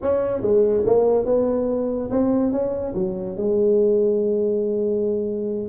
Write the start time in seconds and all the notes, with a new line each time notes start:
0.02 C#4
0.41 G#3
0.85 A#3
1.25 B3
2.10 C4
2.51 C#4
2.94 F#3
3.36 G#3